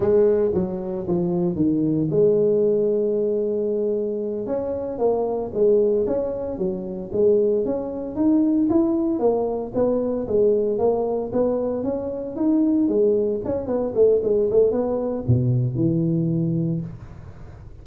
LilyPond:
\new Staff \with { instrumentName = "tuba" } { \time 4/4 \tempo 4 = 114 gis4 fis4 f4 dis4 | gis1~ | gis8 cis'4 ais4 gis4 cis'8~ | cis'8 fis4 gis4 cis'4 dis'8~ |
dis'8 e'4 ais4 b4 gis8~ | gis8 ais4 b4 cis'4 dis'8~ | dis'8 gis4 cis'8 b8 a8 gis8 a8 | b4 b,4 e2 | }